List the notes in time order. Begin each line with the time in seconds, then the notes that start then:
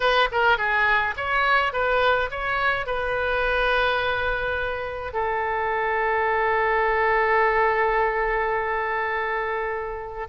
0.00 B4
0.31 A#4
0.57 G#4
1.16 C#5
1.72 B4
2.30 C#5
2.86 B4
5.13 A4